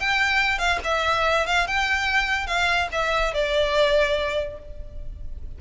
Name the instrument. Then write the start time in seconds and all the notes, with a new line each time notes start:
violin
0.00 G5
0.59 F5
0.84 E5
1.47 F5
1.67 G5
2.47 F5
2.92 E5
3.34 D5